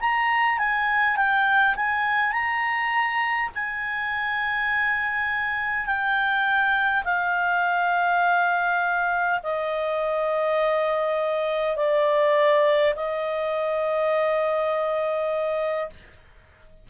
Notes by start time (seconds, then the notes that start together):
0.00 A#5
0.58 G#5
1.17 G5
1.76 G#5
2.33 A#5
3.55 G#5
5.86 G5
7.05 F5
9.43 D#5
11.76 D5
12.96 D#5